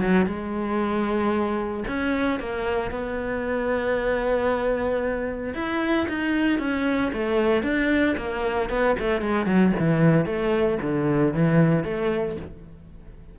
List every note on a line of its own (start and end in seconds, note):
0.00 0.26 F#3
0.26 1.84 G#3
1.87 2.40 C#4
2.40 2.91 A#3
2.91 5.54 B3
5.54 6.07 E4
6.08 6.59 D#4
6.59 7.11 C#4
7.13 7.63 A3
7.63 8.15 D4
8.17 8.70 A#3
8.70 8.96 B3
8.99 9.21 A3
9.21 9.46 G#3
9.46 9.72 F#3
9.79 10.26 E3
10.26 10.78 A3
10.82 11.33 D3
11.33 11.84 E3
11.84 12.36 A3